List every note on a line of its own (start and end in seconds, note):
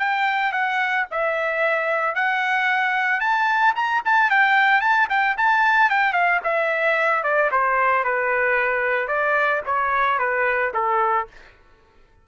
0.00 0.53 G5
0.53 1.06 F#5
1.12 2.16 E5
2.16 3.21 F#5
3.21 3.74 A5
3.76 4.03 A#5
4.05 4.31 A5
4.31 4.81 G5
4.81 5.08 A5
5.10 5.37 G5
5.38 5.91 A5
5.91 6.14 G5
6.14 6.40 F5
6.45 7.24 E5
7.24 7.51 D5
7.52 8.05 C5
8.05 9.09 B4
9.09 9.62 D5
9.66 10.19 C#5
10.19 10.73 B4
10.74 11.28 A4